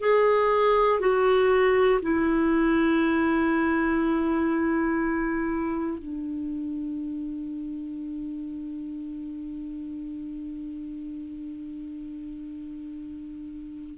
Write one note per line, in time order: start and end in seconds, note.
0.00 1.00 G#4
1.00 2.00 F#4
2.02 5.98 E4
5.98 13.98 D4